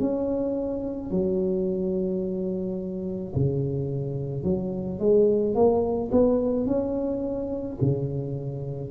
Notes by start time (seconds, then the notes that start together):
0.00 C#4
1.11 F#3
3.35 C#3
4.43 F#3
4.99 G#3
5.55 A#3
6.12 B3
6.67 C#4
7.81 C#3